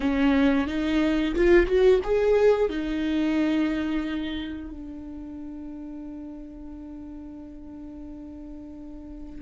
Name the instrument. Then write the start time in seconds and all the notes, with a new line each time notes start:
viola
0.00 C#4
0.67 D#4
1.35 F4
1.66 F#4
2.03 G#4
2.69 D#4
4.70 D4